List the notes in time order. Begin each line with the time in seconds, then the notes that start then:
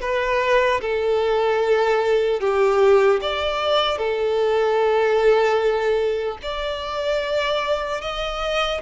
0.00 B4
0.81 A4
2.40 G4
3.21 D5
3.97 A4
6.42 D5
8.01 D#5